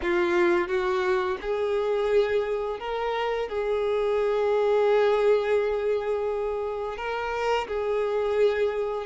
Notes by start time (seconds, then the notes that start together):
0.02 F4
0.68 F#4
1.41 G#4
2.79 A#4
3.49 G#4
6.97 A#4
7.67 G#4